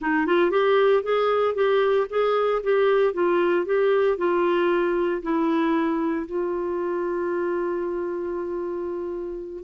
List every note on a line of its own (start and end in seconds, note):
0.01 0.26 D#4
0.26 0.51 F4
0.51 1.03 G4
1.03 1.55 G#4
1.55 2.07 G4
2.09 2.62 G#4
2.63 3.13 G4
3.13 3.65 F4
3.65 4.17 G4
4.17 5.22 F4
5.22 6.26 E4
6.26 9.63 F4